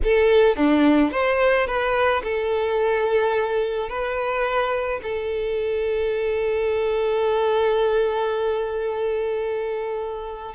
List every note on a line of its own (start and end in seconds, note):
0.03 0.56 A4
0.56 1.11 D4
1.11 1.66 C5
1.67 2.22 B4
2.23 3.89 A4
3.89 5.00 B4
5.03 10.54 A4